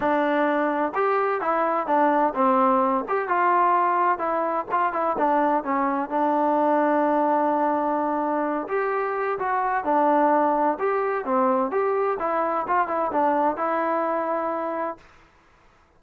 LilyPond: \new Staff \with { instrumentName = "trombone" } { \time 4/4 \tempo 4 = 128 d'2 g'4 e'4 | d'4 c'4. g'8 f'4~ | f'4 e'4 f'8 e'8 d'4 | cis'4 d'2.~ |
d'2~ d'8 g'4. | fis'4 d'2 g'4 | c'4 g'4 e'4 f'8 e'8 | d'4 e'2. | }